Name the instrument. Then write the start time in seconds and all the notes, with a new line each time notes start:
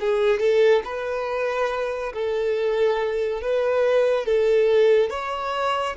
violin
0.00 G#4
0.40 A4
0.84 B4
2.14 A4
3.41 B4
4.26 A4
5.10 C#5